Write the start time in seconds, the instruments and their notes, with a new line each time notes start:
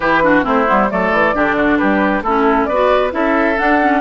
0.00 bassoon E3, clarinet E4, oboe G4, flute B4
0.23 clarinet D4, oboe F#4
0.43 bassoon A3, clarinet C4, oboe E4, flute C5
0.66 bassoon G3, clarinet B3
0.89 bassoon F#3, clarinet A3, oboe A4, flute D5
1.12 bassoon E3
1.34 bassoon D3, clarinet D4, oboe G4
1.56 oboe F#4
1.77 bassoon G3, oboe G4, flute B4
2.22 bassoon A3, clarinet C#4, oboe E4, flute A4
2.65 bassoon B3, oboe B4, flute D5
2.72 clarinet F#4
3.10 bassoon C#4, clarinet E4, oboe A4, flute E5
3.57 clarinet D4, bassoon D4, flute F#5
3.81 clarinet C#4